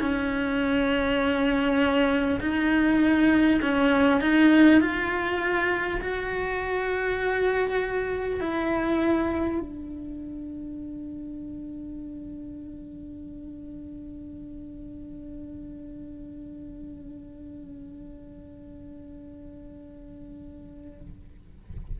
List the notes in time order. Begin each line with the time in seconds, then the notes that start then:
0.00 C#4
2.40 D#4
3.61 C#4
4.20 D#4
4.81 F4
6.01 F#4
8.40 E4
9.59 D4